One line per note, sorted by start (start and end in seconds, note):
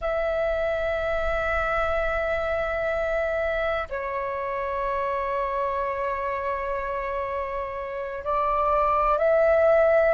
0.01 3.88 E5
3.89 8.23 C#5
8.23 9.18 D5
9.18 10.14 E5